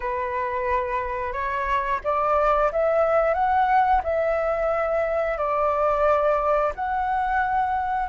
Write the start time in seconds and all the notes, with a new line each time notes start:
0.00 B4
1.32 C#5
2.04 D5
2.72 E5
3.34 F#5
4.03 E5
5.37 D5
6.75 F#5